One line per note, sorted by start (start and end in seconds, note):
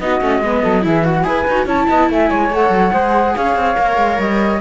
0.00 0.21 B3
0.00 0.21 D#4
0.00 0.42 F#4
0.00 0.84 D#5
0.21 0.41 A3
0.21 0.42 C#4
0.41 0.62 G#3
0.41 0.82 B3
0.41 0.63 B4
0.63 0.86 F#3
0.63 0.84 A4
0.82 1.24 E3
0.82 1.03 E4
0.82 1.06 G#4
0.82 1.06 E5
1.04 1.24 F#4
1.04 1.27 F#4
1.04 1.24 F#5
1.24 1.45 E4
1.24 1.45 G#4
1.24 1.66 B4
1.24 1.66 G#5
1.48 1.66 D#4
1.48 1.67 F#4
1.66 1.87 C#4
1.66 2.51 E4
1.66 1.87 C#5
1.66 2.11 A5
1.89 2.10 B3
1.89 2.10 D#5
2.10 2.31 A3
2.10 2.30 E5
2.10 2.54 G#5
2.30 2.50 G#3
2.30 2.93 C#5
2.50 2.70 A3
2.50 2.93 A4
2.50 3.37 F#5
2.70 2.91 F#3
2.93 3.35 G#3
2.93 3.76 G#4
2.93 3.35 C5
3.37 3.56 C#4
3.37 4.61 C#5
3.37 4.20 F5
3.56 3.77 C4
3.76 3.97 A#3
3.76 4.60 A#4
3.97 4.18 G#3
4.19 4.61 G3
4.19 4.61 D#5